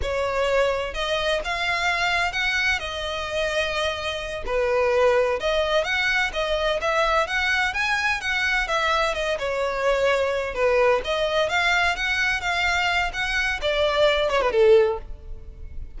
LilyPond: \new Staff \with { instrumentName = "violin" } { \time 4/4 \tempo 4 = 128 cis''2 dis''4 f''4~ | f''4 fis''4 dis''2~ | dis''4. b'2 dis''8~ | dis''8 fis''4 dis''4 e''4 fis''8~ |
fis''8 gis''4 fis''4 e''4 dis''8 | cis''2~ cis''8 b'4 dis''8~ | dis''8 f''4 fis''4 f''4. | fis''4 d''4. cis''16 b'16 a'4 | }